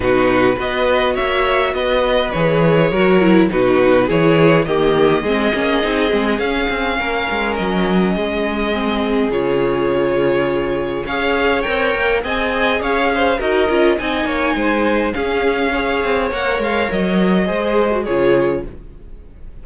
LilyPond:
<<
  \new Staff \with { instrumentName = "violin" } { \time 4/4 \tempo 4 = 103 b'4 dis''4 e''4 dis''4 | cis''2 b'4 cis''4 | dis''2. f''4~ | f''4 dis''2. |
cis''2. f''4 | g''4 gis''4 f''4 dis''4 | gis''2 f''2 | fis''8 f''8 dis''2 cis''4 | }
  \new Staff \with { instrumentName = "violin" } { \time 4/4 fis'4 b'4 cis''4 b'4~ | b'4 ais'4 fis'4 gis'4 | g'4 gis'2. | ais'2 gis'2~ |
gis'2. cis''4~ | cis''4 dis''4 cis''8 c''8 ais'4 | dis''8 cis''8 c''4 gis'4 cis''4~ | cis''2 c''4 gis'4 | }
  \new Staff \with { instrumentName = "viola" } { \time 4/4 dis'4 fis'2. | gis'4 fis'8 e'8 dis'4 e'4 | ais4 c'8 cis'8 dis'8 c'8 cis'4~ | cis'2. c'4 |
f'2. gis'4 | ais'4 gis'2 fis'8 f'8 | dis'2 cis'4 gis'4 | ais'2 gis'8. fis'16 f'4 | }
  \new Staff \with { instrumentName = "cello" } { \time 4/4 b,4 b4 ais4 b4 | e4 fis4 b,4 e4 | dis4 gis8 ais8 c'8 gis8 cis'8 c'8 | ais8 gis8 fis4 gis2 |
cis2. cis'4 | c'8 ais8 c'4 cis'4 dis'8 cis'8 | c'8 ais8 gis4 cis'4. c'8 | ais8 gis8 fis4 gis4 cis4 | }
>>